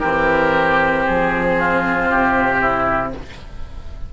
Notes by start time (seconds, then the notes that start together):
0.00 E3 C4 G4 A#4
1.07 F3 G#4
1.59 F4
2.10 C3 G4
2.61 E4